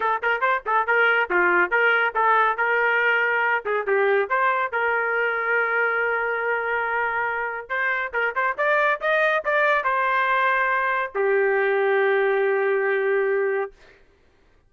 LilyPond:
\new Staff \with { instrumentName = "trumpet" } { \time 4/4 \tempo 4 = 140 a'8 ais'8 c''8 a'8 ais'4 f'4 | ais'4 a'4 ais'2~ | ais'8 gis'8 g'4 c''4 ais'4~ | ais'1~ |
ais'2 c''4 ais'8 c''8 | d''4 dis''4 d''4 c''4~ | c''2 g'2~ | g'1 | }